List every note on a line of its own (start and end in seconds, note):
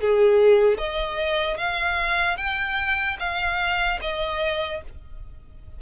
0.00 0.77 G#4
0.77 1.57 D#5
1.57 2.37 F5
2.37 3.17 G5
3.19 3.99 F5
4.01 4.81 D#5